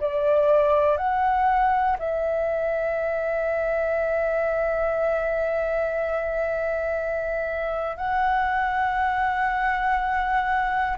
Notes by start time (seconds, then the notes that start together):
0.00 D5
0.97 F#5
1.99 E5
7.97 F#5